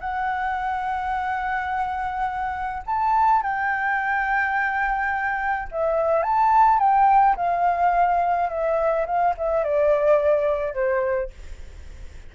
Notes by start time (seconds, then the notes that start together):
0.00 F#5
2.86 A5
3.42 G5
5.71 E5
6.22 A5
6.79 G5
7.36 F5
8.49 E5
9.06 F5
9.37 E5
9.64 D5
10.74 C5